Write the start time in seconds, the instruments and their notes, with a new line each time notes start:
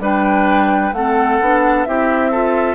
0.00 bassoon G3, clarinet D4, oboe B4, flute G5
0.93 bassoon A3, clarinet C4, oboe A4, flute F#5
1.41 bassoon B3, clarinet D4
1.85 bassoon C4, clarinet E4, oboe G4, flute E5
2.31 clarinet F4, oboe A4